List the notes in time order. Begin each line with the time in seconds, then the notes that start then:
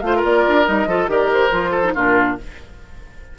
0.00 A3 F4 F5
0.06 C5
0.15 A#4
0.24 A#3 D5
0.48 D4
0.65 G3 D#4 D#5
0.86 F3 F4 A4
1.07 D#3 G4 A#4 D5
1.33 C5
1.51 F3 F4
1.71 A4
1.83 D#4
1.94 A#2 D4 F4 A#4